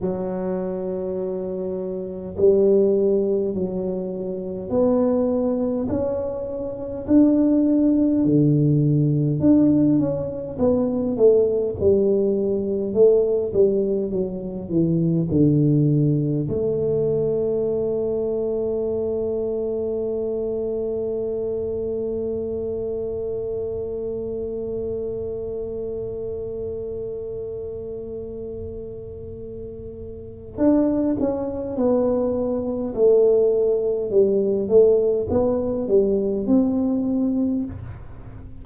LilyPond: \new Staff \with { instrumentName = "tuba" } { \time 4/4 \tempo 4 = 51 fis2 g4 fis4 | b4 cis'4 d'4 d4 | d'8 cis'8 b8 a8 g4 a8 g8 | fis8 e8 d4 a2~ |
a1~ | a1~ | a2 d'8 cis'8 b4 | a4 g8 a8 b8 g8 c'4 | }